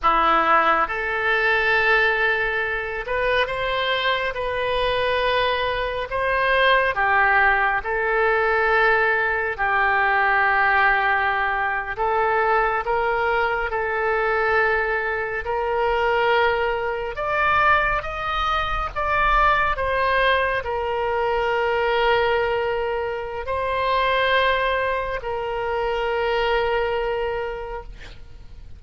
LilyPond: \new Staff \with { instrumentName = "oboe" } { \time 4/4 \tempo 4 = 69 e'4 a'2~ a'8 b'8 | c''4 b'2 c''4 | g'4 a'2 g'4~ | g'4.~ g'16 a'4 ais'4 a'16~ |
a'4.~ a'16 ais'2 d''16~ | d''8. dis''4 d''4 c''4 ais'16~ | ais'2. c''4~ | c''4 ais'2. | }